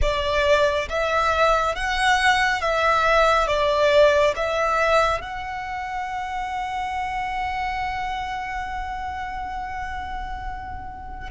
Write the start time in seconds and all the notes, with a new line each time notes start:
0.01 D5
0.89 E5
1.75 F#5
2.61 E5
3.47 D5
4.36 E5
5.21 F#5